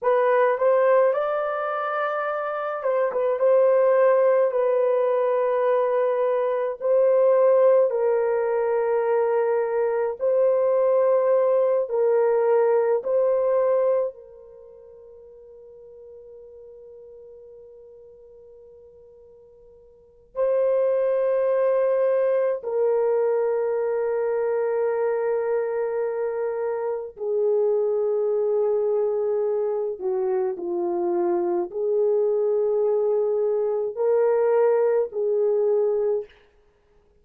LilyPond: \new Staff \with { instrumentName = "horn" } { \time 4/4 \tempo 4 = 53 b'8 c''8 d''4. c''16 b'16 c''4 | b'2 c''4 ais'4~ | ais'4 c''4. ais'4 c''8~ | c''8 ais'2.~ ais'8~ |
ais'2 c''2 | ais'1 | gis'2~ gis'8 fis'8 f'4 | gis'2 ais'4 gis'4 | }